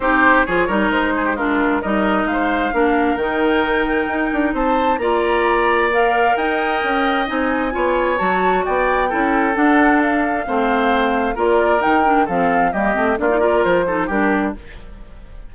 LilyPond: <<
  \new Staff \with { instrumentName = "flute" } { \time 4/4 \tempo 4 = 132 c''4 cis''4 c''4 ais'4 | dis''4 f''2 g''4~ | g''2 a''4 ais''4~ | ais''4 f''4 g''2 |
gis''2 a''4 g''4~ | g''4 fis''4 f''2~ | f''4 d''4 g''4 f''4 | dis''4 d''4 c''4 ais'4 | }
  \new Staff \with { instrumentName = "oboe" } { \time 4/4 g'4 gis'8 ais'4 gis'16 g'16 f'4 | ais'4 c''4 ais'2~ | ais'2 c''4 d''4~ | d''2 dis''2~ |
dis''4 cis''2 d''4 | a'2. c''4~ | c''4 ais'2 a'4 | g'4 f'8 ais'4 a'8 g'4 | }
  \new Staff \with { instrumentName = "clarinet" } { \time 4/4 dis'4 f'8 dis'4. d'4 | dis'2 d'4 dis'4~ | dis'2. f'4~ | f'4 ais'2. |
dis'4 f'4 fis'2 | e'4 d'2 c'4~ | c'4 f'4 dis'8 d'8 c'4 | ais8 c'8 d'16 dis'16 f'4 dis'8 d'4 | }
  \new Staff \with { instrumentName = "bassoon" } { \time 4/4 c'4 f8 g8 gis2 | g4 gis4 ais4 dis4~ | dis4 dis'8 d'8 c'4 ais4~ | ais2 dis'4 cis'4 |
c'4 b4 fis4 b4 | cis'4 d'2 a4~ | a4 ais4 dis4 f4 | g8 a8 ais4 f4 g4 | }
>>